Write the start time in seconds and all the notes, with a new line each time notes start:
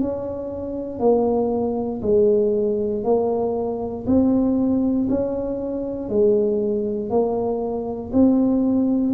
0.00 C#4
0.99 A#3
2.02 G#3
3.04 A#3
4.07 C4
5.09 C#4
6.09 G#3
7.10 A#3
8.13 C4